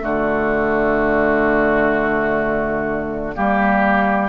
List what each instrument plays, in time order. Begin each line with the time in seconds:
0.00 bassoon D3, clarinet A3, oboe F#4, flute D5
3.34 bassoon G3, clarinet A#3, oboe G4